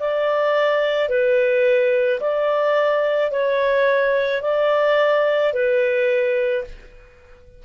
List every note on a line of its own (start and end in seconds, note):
0.00 1.09 D5
1.09 2.20 B4
2.21 3.31 D5
3.31 4.42 C#5
4.42 5.53 D5
5.53 6.64 B4